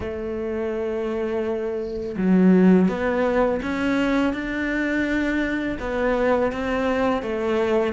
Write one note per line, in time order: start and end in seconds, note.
0.00 2.16 A3
2.17 2.88 F#3
2.88 3.60 B3
3.62 4.33 C#4
4.33 5.77 D4
5.79 6.52 B3
6.52 7.22 C4
7.22 7.93 A3